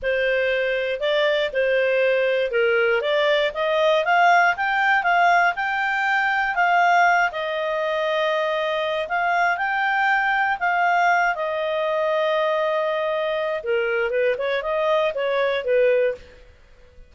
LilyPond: \new Staff \with { instrumentName = "clarinet" } { \time 4/4 \tempo 4 = 119 c''2 d''4 c''4~ | c''4 ais'4 d''4 dis''4 | f''4 g''4 f''4 g''4~ | g''4 f''4. dis''4.~ |
dis''2 f''4 g''4~ | g''4 f''4. dis''4.~ | dis''2. ais'4 | b'8 cis''8 dis''4 cis''4 b'4 | }